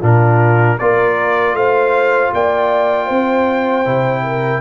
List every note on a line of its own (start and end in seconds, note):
0.00 0.79 A#2
0.00 0.79 D4
0.00 0.77 F4
0.00 0.79 A#4
0.79 1.53 A#3
0.79 3.85 F4
0.79 1.56 A#4
0.79 1.56 D5
1.53 2.30 A3
1.53 2.33 C5
1.53 2.33 F5
2.33 3.10 A#3
2.33 3.06 D5
2.33 4.61 G5
3.06 3.86 C4
3.06 4.21 C5
3.85 4.61 C3
3.85 4.61 E4
4.23 4.61 A#4